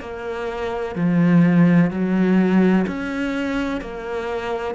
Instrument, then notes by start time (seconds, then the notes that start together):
cello
0.00 A#3
0.95 F3
1.90 F#3
2.87 C#4
3.81 A#3